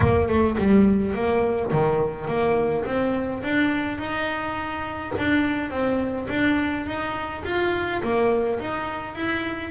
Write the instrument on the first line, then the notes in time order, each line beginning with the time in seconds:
double bass
0.00 A#3
0.28 A3
0.58 G3
1.14 A#3
1.72 D#3
2.27 A#3
2.85 C4
3.43 D4
3.98 D#4
5.17 D4
5.70 C4
6.29 D4
6.86 D#4
7.44 F4
8.02 A#3
8.59 D#4
9.15 E4